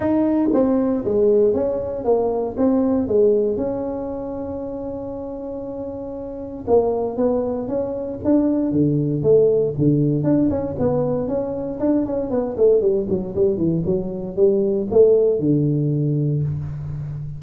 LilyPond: \new Staff \with { instrumentName = "tuba" } { \time 4/4 \tempo 4 = 117 dis'4 c'4 gis4 cis'4 | ais4 c'4 gis4 cis'4~ | cis'1~ | cis'4 ais4 b4 cis'4 |
d'4 d4 a4 d4 | d'8 cis'8 b4 cis'4 d'8 cis'8 | b8 a8 g8 fis8 g8 e8 fis4 | g4 a4 d2 | }